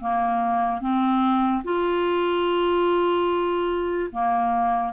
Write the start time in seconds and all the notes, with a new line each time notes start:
0.00 A#3
0.80 C4
1.64 F4
4.11 A#3